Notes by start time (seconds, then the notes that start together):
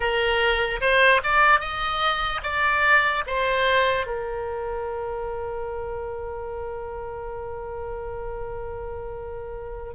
0.00 A#4
0.80 C5
1.23 D5
1.60 D#5
2.43 D5
3.27 C5
4.06 A#4